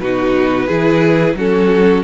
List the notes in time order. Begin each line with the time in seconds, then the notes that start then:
0.00 B2 D#4 F#4 B4
0.67 E3 E4 G#4
1.35 F#3 C#4 F#4 A4